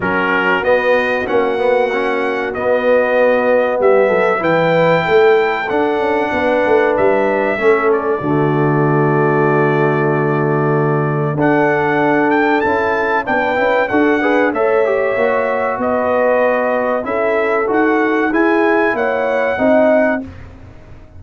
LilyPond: <<
  \new Staff \with { instrumentName = "trumpet" } { \time 4/4 \tempo 4 = 95 ais'4 dis''4 fis''2 | dis''2 e''4 g''4~ | g''4 fis''2 e''4~ | e''8 d''2.~ d''8~ |
d''2 fis''4. g''8 | a''4 g''4 fis''4 e''4~ | e''4 dis''2 e''4 | fis''4 gis''4 fis''2 | }
  \new Staff \with { instrumentName = "horn" } { \time 4/4 fis'1~ | fis'2 g'8 a'8 b'4 | a'2 b'2 | a'4 fis'2.~ |
fis'2 a'2~ | a'4 b'4 a'8 b'8 cis''4~ | cis''4 b'2 a'4~ | a'4 gis'4 cis''4 dis''4 | }
  \new Staff \with { instrumentName = "trombone" } { \time 4/4 cis'4 b4 cis'8 b8 cis'4 | b2. e'4~ | e'4 d'2. | cis'4 a2.~ |
a2 d'2 | e'4 d'8 e'8 fis'8 gis'8 a'8 g'8 | fis'2. e'4 | fis'4 e'2 dis'4 | }
  \new Staff \with { instrumentName = "tuba" } { \time 4/4 fis4 b4 ais2 | b2 g8 fis8 e4 | a4 d'8 cis'8 b8 a8 g4 | a4 d2.~ |
d2 d'2 | cis'4 b8 cis'8 d'4 a4 | ais4 b2 cis'4 | dis'4 e'4 ais4 c'4 | }
>>